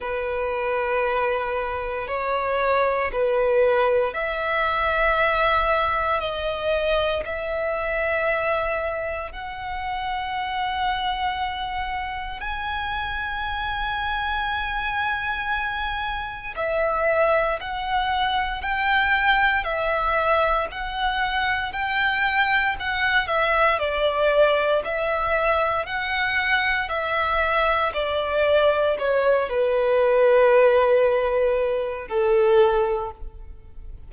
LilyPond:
\new Staff \with { instrumentName = "violin" } { \time 4/4 \tempo 4 = 58 b'2 cis''4 b'4 | e''2 dis''4 e''4~ | e''4 fis''2. | gis''1 |
e''4 fis''4 g''4 e''4 | fis''4 g''4 fis''8 e''8 d''4 | e''4 fis''4 e''4 d''4 | cis''8 b'2~ b'8 a'4 | }